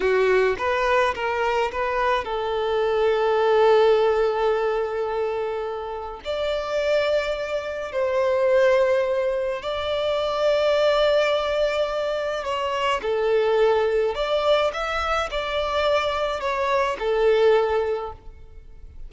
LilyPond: \new Staff \with { instrumentName = "violin" } { \time 4/4 \tempo 4 = 106 fis'4 b'4 ais'4 b'4 | a'1~ | a'2. d''4~ | d''2 c''2~ |
c''4 d''2.~ | d''2 cis''4 a'4~ | a'4 d''4 e''4 d''4~ | d''4 cis''4 a'2 | }